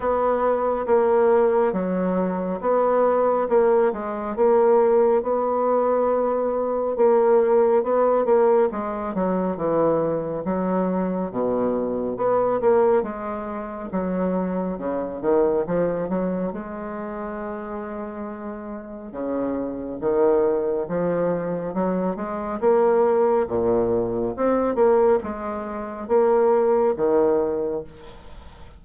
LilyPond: \new Staff \with { instrumentName = "bassoon" } { \time 4/4 \tempo 4 = 69 b4 ais4 fis4 b4 | ais8 gis8 ais4 b2 | ais4 b8 ais8 gis8 fis8 e4 | fis4 b,4 b8 ais8 gis4 |
fis4 cis8 dis8 f8 fis8 gis4~ | gis2 cis4 dis4 | f4 fis8 gis8 ais4 ais,4 | c'8 ais8 gis4 ais4 dis4 | }